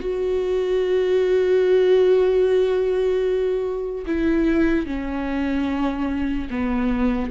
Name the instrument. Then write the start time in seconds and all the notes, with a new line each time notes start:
viola
0.00 F#4
4.06 E4
4.86 C#4
6.50 B3